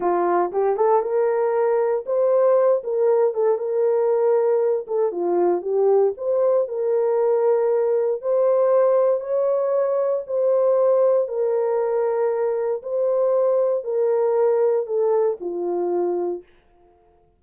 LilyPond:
\new Staff \with { instrumentName = "horn" } { \time 4/4 \tempo 4 = 117 f'4 g'8 a'8 ais'2 | c''4. ais'4 a'8 ais'4~ | ais'4. a'8 f'4 g'4 | c''4 ais'2. |
c''2 cis''2 | c''2 ais'2~ | ais'4 c''2 ais'4~ | ais'4 a'4 f'2 | }